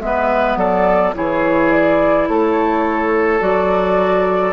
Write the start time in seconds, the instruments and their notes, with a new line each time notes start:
0.00 bassoon G#3, clarinet B3, oboe B4, flute E5
0.56 bassoon F#3, oboe A4, flute D5
1.13 bassoon E3, clarinet E4, oboe G#4, flute C#5
1.71 flute D5
2.28 bassoon A3, oboe A4, flute C#5
3.39 bassoon F#3, clarinet F#4, flute D5